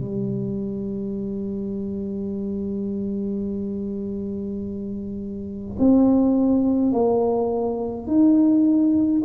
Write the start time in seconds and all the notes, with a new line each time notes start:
0.00 G3
5.79 C4
6.92 A#3
8.07 D#4